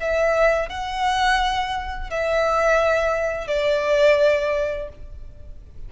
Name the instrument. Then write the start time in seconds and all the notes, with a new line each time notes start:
violin
0.00 E5
0.69 F#5
2.10 E5
3.47 D5